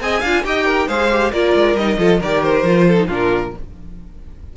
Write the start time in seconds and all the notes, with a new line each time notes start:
0.00 C4 G#4 D#5 G#5
0.20 D4 F4 F5
0.44 D#4 G4 D#5 G5
0.66 A#4
0.88 G#3 G#4 C5 F5
1.11 G4
1.32 A#3 F4 A#4 D5
1.55 G#3
1.75 G3 D#4 D#5
1.98 F3 F4 A4
2.20 D#3 G4 A#4 D5
2.43 C5
2.63 F3 F4
2.87 A4
2.96 D#4
3.07 A#2 D4 F4 A#4